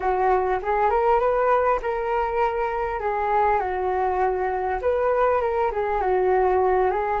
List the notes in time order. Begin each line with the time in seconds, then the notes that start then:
0.00 F#4
0.62 G#4
0.89 A#4
1.19 B4
1.81 A#4
3.00 G#4
3.59 F#4
4.81 B4
5.41 A#4
5.71 G#4
6.01 F#4
6.91 G#4